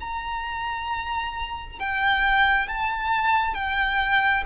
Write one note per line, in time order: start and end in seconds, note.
0.00 1.79 A#5
1.79 2.68 G5
2.68 3.54 A5
3.54 4.43 G5